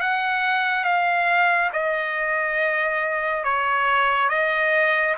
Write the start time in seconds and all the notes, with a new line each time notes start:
0.00 F#5
0.84 F5
1.73 D#5
3.44 C#5
4.29 D#5